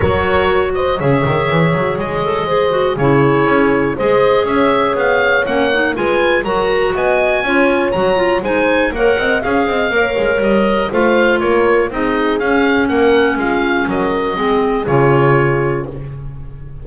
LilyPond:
<<
  \new Staff \with { instrumentName = "oboe" } { \time 4/4 \tempo 4 = 121 cis''4. dis''8 e''2 | dis''2 cis''2 | dis''4 e''4 f''4 fis''4 | gis''4 ais''4 gis''2 |
ais''4 gis''4 fis''4 f''4~ | f''4 dis''4 f''4 cis''4 | dis''4 f''4 fis''4 f''4 | dis''2 cis''2 | }
  \new Staff \with { instrumentName = "horn" } { \time 4/4 ais'4. c''8 cis''2~ | cis''4 c''4 gis'2 | c''4 cis''2. | b'4 ais'4 dis''4 cis''4~ |
cis''4 c''4 cis''8 dis''8 f''8 dis''8 | cis''2 c''4 ais'4 | gis'2 ais'4 f'4 | ais'4 gis'2. | }
  \new Staff \with { instrumentName = "clarinet" } { \time 4/4 fis'2 gis'2~ | gis'8 a'8 gis'8 fis'8 e'2 | gis'2. cis'8 dis'8 | f'4 fis'2 f'4 |
fis'8 f'8 dis'4 ais'4 gis'4 | ais'2 f'2 | dis'4 cis'2.~ | cis'4 c'4 f'2 | }
  \new Staff \with { instrumentName = "double bass" } { \time 4/4 fis2 cis8 dis8 e8 fis8 | gis2 cis4 cis'4 | gis4 cis'4 b4 ais4 | gis4 fis4 b4 cis'4 |
fis4 gis4 ais8 c'8 cis'8 c'8 | ais8 gis8 g4 a4 ais4 | c'4 cis'4 ais4 gis4 | fis4 gis4 cis2 | }
>>